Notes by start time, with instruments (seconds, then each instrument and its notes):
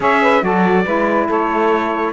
0.00 cello C#4, saxophone G#4 C#5, trumpet E5
0.22 saxophone B4
0.41 cello F#3, saxophone F#4 A4, trumpet D5
0.84 cello G#3, saxophone E4 B4
1.28 cello A3, saxophone A4, trumpet C#5